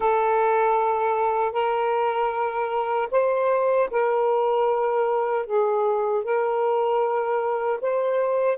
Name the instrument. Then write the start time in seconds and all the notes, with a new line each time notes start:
saxophone
0.00 A4
1.52 A#4
3.11 C5
3.90 A#4
5.46 G#4
6.23 A#4
7.81 C5